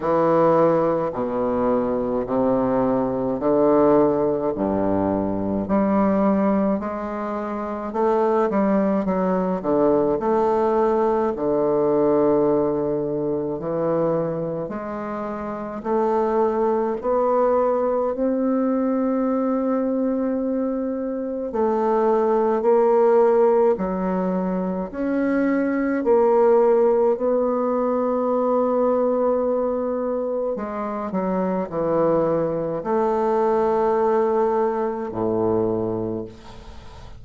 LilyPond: \new Staff \with { instrumentName = "bassoon" } { \time 4/4 \tempo 4 = 53 e4 b,4 c4 d4 | g,4 g4 gis4 a8 g8 | fis8 d8 a4 d2 | e4 gis4 a4 b4 |
c'2. a4 | ais4 fis4 cis'4 ais4 | b2. gis8 fis8 | e4 a2 a,4 | }